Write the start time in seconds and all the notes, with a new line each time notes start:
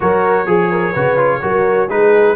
0.00 F#3 F#4 A#4 C#5
0.46 F3 G#4
0.71 A#4
0.92 C#3 F#4 B4
1.16 F4
1.41 F#3 F#4 A#4
1.88 G#3 D#4 G#4 B4